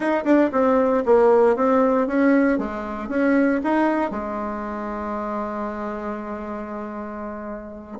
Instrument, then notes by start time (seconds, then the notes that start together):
bassoon
0.00 D#4
0.24 D4
0.51 C4
1.05 A#3
1.56 C4
2.07 C#4
2.58 G#3
3.08 C#4
3.63 D#4
4.10 G#3